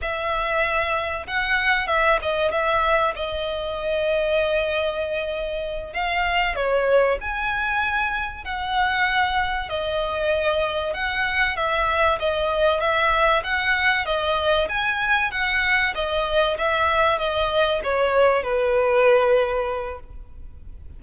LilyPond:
\new Staff \with { instrumentName = "violin" } { \time 4/4 \tempo 4 = 96 e''2 fis''4 e''8 dis''8 | e''4 dis''2.~ | dis''4. f''4 cis''4 gis''8~ | gis''4. fis''2 dis''8~ |
dis''4. fis''4 e''4 dis''8~ | dis''8 e''4 fis''4 dis''4 gis''8~ | gis''8 fis''4 dis''4 e''4 dis''8~ | dis''8 cis''4 b'2~ b'8 | }